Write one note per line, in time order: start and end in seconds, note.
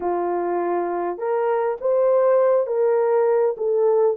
0.00 1.17 F4
1.17 1.77 A#4
1.80 2.66 C5
2.66 3.55 A#4
3.57 4.16 A4